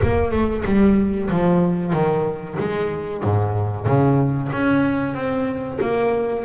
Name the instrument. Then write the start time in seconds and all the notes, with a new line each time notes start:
double bass
0.02 A#3
0.31 A3
0.65 G3
1.30 F3
1.93 D#3
2.59 G#3
3.23 G#2
3.86 C#3
4.52 C#4
5.14 C4
5.81 A#3